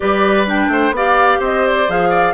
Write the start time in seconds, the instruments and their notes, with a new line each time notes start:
0.00 bassoon G3, clarinet G4, oboe B4, flute D5
0.46 clarinet D4, flute G5
0.68 bassoon A3, oboe C5
0.91 bassoon B3, clarinet G4, oboe D5, flute F5
1.39 bassoon C4, oboe C5, flute D#5
1.67 flute D5
1.87 bassoon F3, clarinet G#4, flute F5
2.09 oboe D5